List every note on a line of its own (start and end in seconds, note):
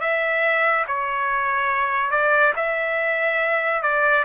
0.00 0.85 E5
0.87 2.10 C#5
2.10 2.53 D5
2.56 3.82 E5
3.82 4.24 D5